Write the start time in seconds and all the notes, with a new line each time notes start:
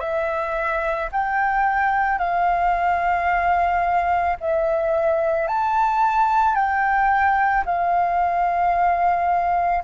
0.00 E5
1.12 G5
2.18 F5
4.40 E5
5.47 A5
6.55 G5
7.66 F5